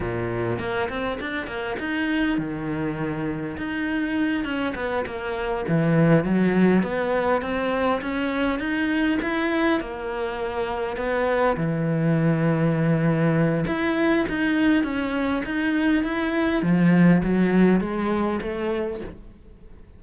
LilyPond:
\new Staff \with { instrumentName = "cello" } { \time 4/4 \tempo 4 = 101 ais,4 ais8 c'8 d'8 ais8 dis'4 | dis2 dis'4. cis'8 | b8 ais4 e4 fis4 b8~ | b8 c'4 cis'4 dis'4 e'8~ |
e'8 ais2 b4 e8~ | e2. e'4 | dis'4 cis'4 dis'4 e'4 | f4 fis4 gis4 a4 | }